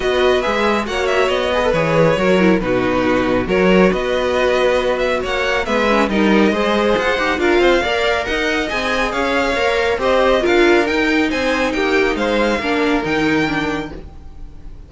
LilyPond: <<
  \new Staff \with { instrumentName = "violin" } { \time 4/4 \tempo 4 = 138 dis''4 e''4 fis''8 e''8 dis''4 | cis''2 b'2 | cis''4 dis''2~ dis''8 e''8 | fis''4 e''4 dis''2 |
fis''4 f''2 fis''4 | gis''4 f''2 dis''4 | f''4 g''4 gis''4 g''4 | f''2 g''2 | }
  \new Staff \with { instrumentName = "violin" } { \time 4/4 b'2 cis''4. b'8~ | b'4 ais'4 fis'2 | ais'4 b'2. | cis''4 b'4 ais'4 c''4~ |
c''4 ais'8 c''8 d''4 dis''4~ | dis''4 cis''2 c''4 | ais'2 c''4 g'4 | c''4 ais'2. | }
  \new Staff \with { instrumentName = "viola" } { \time 4/4 fis'4 gis'4 fis'4. gis'16 a'16 | gis'4 fis'8 e'8 dis'2 | fis'1~ | fis'4 b8 cis'8 dis'4 gis'4~ |
gis'8 g'8 f'4 ais'2 | gis'2 ais'4 g'4 | f'4 dis'2.~ | dis'4 d'4 dis'4 d'4 | }
  \new Staff \with { instrumentName = "cello" } { \time 4/4 b4 gis4 ais4 b4 | e4 fis4 b,2 | fis4 b2. | ais4 gis4 g4 gis4 |
f'8 dis'8 d'8 c'8 ais4 dis'4 | c'4 cis'4 ais4 c'4 | d'4 dis'4 c'4 ais4 | gis4 ais4 dis2 | }
>>